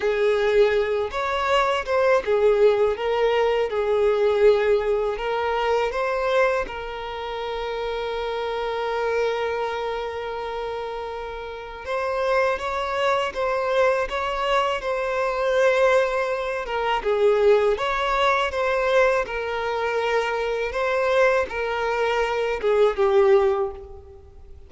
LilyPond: \new Staff \with { instrumentName = "violin" } { \time 4/4 \tempo 4 = 81 gis'4. cis''4 c''8 gis'4 | ais'4 gis'2 ais'4 | c''4 ais'2.~ | ais'1 |
c''4 cis''4 c''4 cis''4 | c''2~ c''8 ais'8 gis'4 | cis''4 c''4 ais'2 | c''4 ais'4. gis'8 g'4 | }